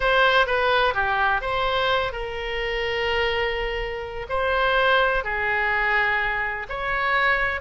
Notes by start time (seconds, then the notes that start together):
0.00 C5
0.46 B4
0.94 G4
1.41 C5
2.12 A#4
4.29 C5
5.23 G#4
6.69 C#5